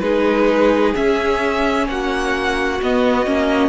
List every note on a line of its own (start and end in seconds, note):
0.00 0.93 G#3
0.00 0.95 D#4
0.00 1.88 G#4
0.00 0.92 B4
0.95 2.80 C#4
0.95 1.89 C#4
0.95 1.88 E5
1.89 2.81 A#3
1.89 3.69 F#4
1.89 2.81 F#5
2.82 3.27 B3
2.82 3.26 B3
2.82 3.69 D#5
3.26 3.69 A#3
3.26 3.69 C#4